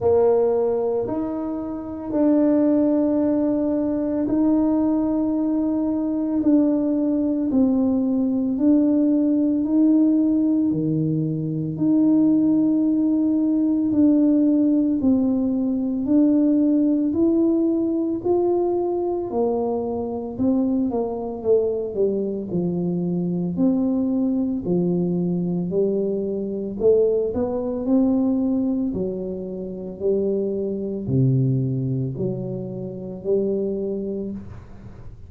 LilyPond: \new Staff \with { instrumentName = "tuba" } { \time 4/4 \tempo 4 = 56 ais4 dis'4 d'2 | dis'2 d'4 c'4 | d'4 dis'4 dis4 dis'4~ | dis'4 d'4 c'4 d'4 |
e'4 f'4 ais4 c'8 ais8 | a8 g8 f4 c'4 f4 | g4 a8 b8 c'4 fis4 | g4 c4 fis4 g4 | }